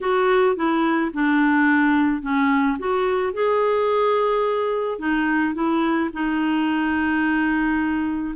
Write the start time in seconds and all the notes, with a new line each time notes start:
0.01 F#4
0.56 E4
1.13 D4
2.22 C#4
2.78 F#4
3.33 G#4
4.98 D#4
5.54 E4
6.13 D#4